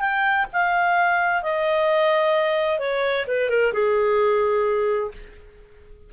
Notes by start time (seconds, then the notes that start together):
0.00 G5
0.53 F5
1.43 D#5
2.79 C#5
3.28 B4
3.50 A#4
3.73 G#4